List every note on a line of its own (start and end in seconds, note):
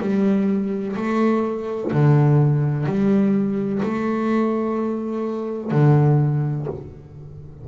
0.00 0.95 G3
0.96 1.91 A3
1.92 2.86 D3
2.86 3.81 G3
3.83 5.71 A3
5.71 6.66 D3